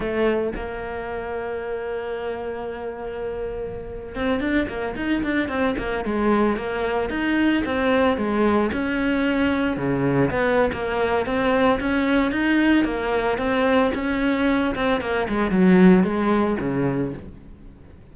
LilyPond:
\new Staff \with { instrumentName = "cello" } { \time 4/4 \tempo 4 = 112 a4 ais2.~ | ais2.~ ais8. c'16~ | c'16 d'8 ais8 dis'8 d'8 c'8 ais8 gis8.~ | gis16 ais4 dis'4 c'4 gis8.~ |
gis16 cis'2 cis4 b8. | ais4 c'4 cis'4 dis'4 | ais4 c'4 cis'4. c'8 | ais8 gis8 fis4 gis4 cis4 | }